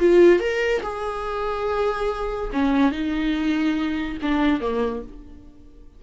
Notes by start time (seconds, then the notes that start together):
0.00 F4
0.40 A#4
0.83 G#4
2.53 C#4
2.92 D#4
4.22 D4
4.61 A#3